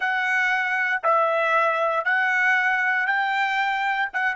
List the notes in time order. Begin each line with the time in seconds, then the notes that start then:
0.00 F#5
1.03 E5
2.04 F#5
3.06 G5
4.13 F#5